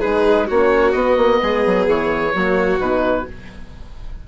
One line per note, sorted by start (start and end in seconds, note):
0.00 0.50 G#3
0.00 0.49 D#4
0.00 0.46 G#4
0.00 0.47 B4
0.46 0.94 A#3
0.46 0.94 C#4
0.46 1.39 F#4
0.46 0.92 C#5
0.92 2.33 B3
0.92 1.17 B3
0.92 1.85 D#5
1.17 1.40 A#3
1.42 1.65 G#3
1.42 2.35 G#4
1.66 1.87 F#3
1.87 2.34 E3
1.87 2.80 C#5
2.34 2.80 F#3
2.34 2.80 A#3
2.34 3.28 F#4
2.80 3.26 B2
2.80 3.26 D#4
2.80 3.26 B4